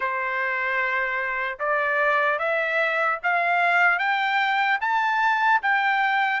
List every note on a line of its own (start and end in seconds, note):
0.00 1.59 C5
1.59 2.39 D5
2.39 3.19 E5
3.23 3.99 F5
3.99 4.79 G5
4.80 5.60 A5
5.62 6.40 G5